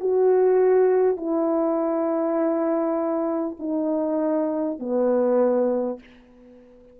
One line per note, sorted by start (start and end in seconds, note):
0.00 1.17 F#4
1.17 3.57 E4
3.59 4.79 D#4
4.79 5.99 B3